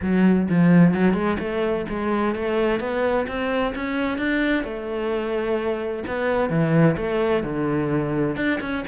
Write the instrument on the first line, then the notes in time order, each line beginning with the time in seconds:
cello
0.02 F#3
0.49 F3
0.94 F#3
1.13 G#3
1.39 A3
1.89 G#3
2.35 A3
2.79 B3
3.27 C4
3.75 C#4
4.17 D4
4.64 A3
6.07 B3
6.49 E3
6.96 A3
7.43 D3
8.36 D4
8.60 C#4